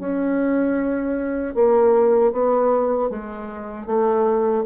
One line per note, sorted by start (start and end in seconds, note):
0.00 1.55 C#4
1.55 2.33 A#3
2.33 3.10 B3
3.10 3.86 G#3
3.86 4.64 A3